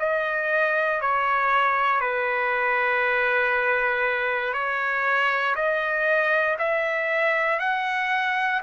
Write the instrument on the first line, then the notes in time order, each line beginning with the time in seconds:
trumpet
0.00 D#5
1.01 C#5
2.01 B4
4.54 C#5
5.56 D#5
6.59 E5
7.60 F#5